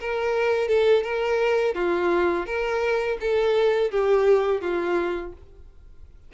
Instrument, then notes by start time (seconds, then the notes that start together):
violin
0.00 A#4
0.68 A4
1.03 A#4
1.75 F4
2.46 A#4
3.21 A4
3.91 G4
4.61 F4